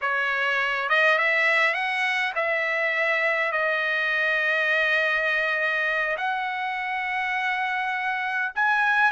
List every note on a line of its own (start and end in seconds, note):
0.01 0.89 C#5
0.89 1.18 D#5
1.18 1.74 E5
1.74 2.32 F#5
2.35 3.52 E5
3.52 6.16 D#5
6.17 8.52 F#5
8.55 9.11 G#5